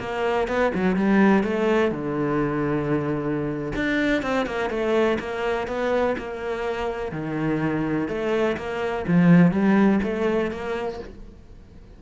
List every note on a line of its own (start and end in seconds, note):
0.00 0.48 A#3
0.48 0.72 B3
0.75 0.97 F#3
0.97 1.44 G3
1.44 1.92 A3
1.92 3.73 D3
3.76 4.23 D4
4.23 4.46 C4
4.46 4.70 A#3
4.70 5.18 A3
5.20 5.68 A#3
5.68 6.16 B3
6.18 7.12 A#3
7.12 8.09 D#3
8.09 8.57 A3
8.57 9.06 A#3
9.08 9.52 F3
9.52 10.00 G3
10.03 10.52 A3
10.52 11.00 A#3